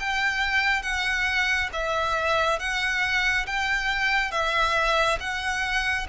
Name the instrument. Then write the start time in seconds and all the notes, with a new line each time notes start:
violin
0.00 G5
0.83 F#5
1.73 E5
2.59 F#5
3.47 G5
4.31 E5
5.20 F#5